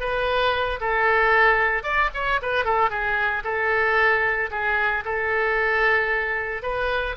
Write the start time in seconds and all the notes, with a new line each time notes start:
0.00 B4
0.81 A4
1.83 D5
2.14 C#5
2.42 B4
2.65 A4
2.90 G#4
3.44 A4
4.51 G#4
5.05 A4
6.63 B4